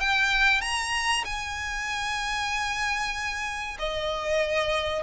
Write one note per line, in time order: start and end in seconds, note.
0.00 0.61 G5
0.61 1.24 A#5
1.25 3.78 G#5
3.79 5.03 D#5